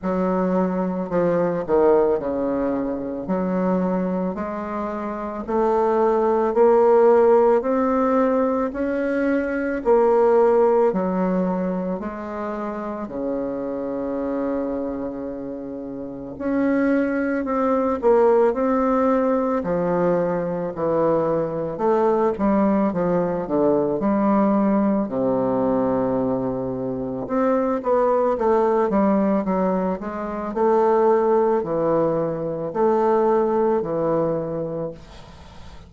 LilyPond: \new Staff \with { instrumentName = "bassoon" } { \time 4/4 \tempo 4 = 55 fis4 f8 dis8 cis4 fis4 | gis4 a4 ais4 c'4 | cis'4 ais4 fis4 gis4 | cis2. cis'4 |
c'8 ais8 c'4 f4 e4 | a8 g8 f8 d8 g4 c4~ | c4 c'8 b8 a8 g8 fis8 gis8 | a4 e4 a4 e4 | }